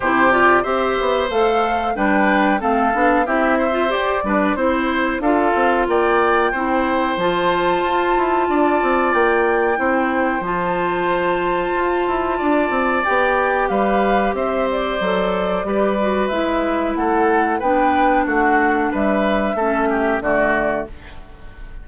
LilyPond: <<
  \new Staff \with { instrumentName = "flute" } { \time 4/4 \tempo 4 = 92 c''8 d''8 e''4 f''4 g''4 | f''4 e''4 d''4 c''4 | f''4 g''2 a''4~ | a''2 g''2 |
a''1 | g''4 f''4 e''8 d''4.~ | d''4 e''4 fis''4 g''4 | fis''4 e''2 d''4 | }
  \new Staff \with { instrumentName = "oboe" } { \time 4/4 g'4 c''2 b'4 | a'4 g'8 c''4 b'8 c''4 | a'4 d''4 c''2~ | c''4 d''2 c''4~ |
c''2. d''4~ | d''4 b'4 c''2 | b'2 a'4 b'4 | fis'4 b'4 a'8 g'8 fis'4 | }
  \new Staff \with { instrumentName = "clarinet" } { \time 4/4 e'8 f'8 g'4 a'4 d'4 | c'8 d'8 e'8. f'16 g'8 d'8 e'4 | f'2 e'4 f'4~ | f'2. e'4 |
f'1 | g'2. a'4 | g'8 fis'8 e'2 d'4~ | d'2 cis'4 a4 | }
  \new Staff \with { instrumentName = "bassoon" } { \time 4/4 c4 c'8 b8 a4 g4 | a8 b8 c'4 g'8 g8 c'4 | d'8 c'8 ais4 c'4 f4 | f'8 e'8 d'8 c'8 ais4 c'4 |
f2 f'8 e'8 d'8 c'8 | b4 g4 c'4 fis4 | g4 gis4 a4 b4 | a4 g4 a4 d4 | }
>>